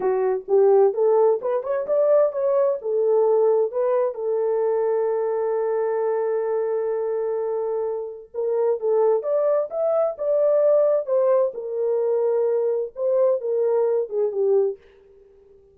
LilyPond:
\new Staff \with { instrumentName = "horn" } { \time 4/4 \tempo 4 = 130 fis'4 g'4 a'4 b'8 cis''8 | d''4 cis''4 a'2 | b'4 a'2.~ | a'1~ |
a'2 ais'4 a'4 | d''4 e''4 d''2 | c''4 ais'2. | c''4 ais'4. gis'8 g'4 | }